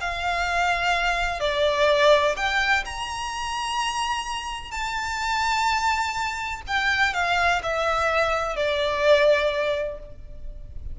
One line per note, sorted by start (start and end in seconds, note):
0.00 1.40 F5
1.40 2.35 D5
2.36 2.84 G5
2.85 4.71 A#5
4.71 6.61 A5
6.67 7.13 G5
7.13 7.61 F5
7.63 8.56 E5
8.56 9.99 D5